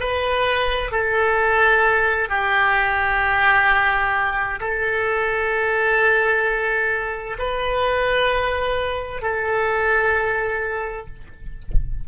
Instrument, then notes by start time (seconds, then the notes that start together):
oboe
0.00 B4
0.91 A4
2.29 G4
4.60 A4
7.38 B4
9.22 A4